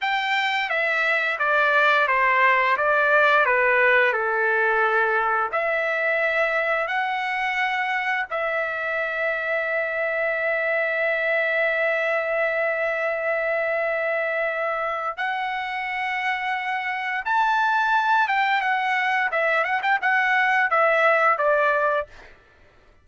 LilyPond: \new Staff \with { instrumentName = "trumpet" } { \time 4/4 \tempo 4 = 87 g''4 e''4 d''4 c''4 | d''4 b'4 a'2 | e''2 fis''2 | e''1~ |
e''1~ | e''2 fis''2~ | fis''4 a''4. g''8 fis''4 | e''8 fis''16 g''16 fis''4 e''4 d''4 | }